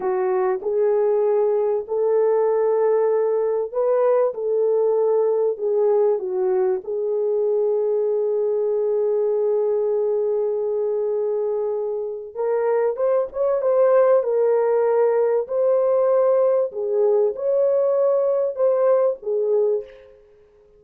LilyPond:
\new Staff \with { instrumentName = "horn" } { \time 4/4 \tempo 4 = 97 fis'4 gis'2 a'4~ | a'2 b'4 a'4~ | a'4 gis'4 fis'4 gis'4~ | gis'1~ |
gis'1 | ais'4 c''8 cis''8 c''4 ais'4~ | ais'4 c''2 gis'4 | cis''2 c''4 gis'4 | }